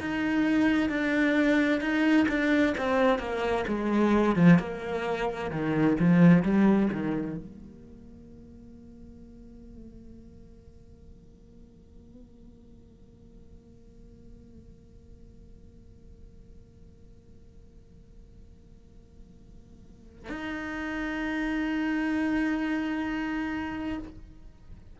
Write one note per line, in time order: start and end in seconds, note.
0.00 0.89 D#4
0.89 1.81 D4
1.81 2.27 D#4
2.29 2.75 D4
2.78 3.19 C4
3.19 3.65 A#3
3.68 4.36 G#3
4.36 4.59 F3
4.59 5.51 A#3
5.51 5.97 D#3
6.00 6.43 F3
6.43 6.89 G3
6.93 7.37 D#3
7.37 20.29 A#3
20.29 23.98 D#4